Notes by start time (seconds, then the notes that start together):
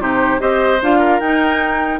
0.00 C3 D#4 G4 C5
0.39 C4 G4 C5 D#5
0.81 D4 F4 F5
0.98 A#4
1.20 D#4 G5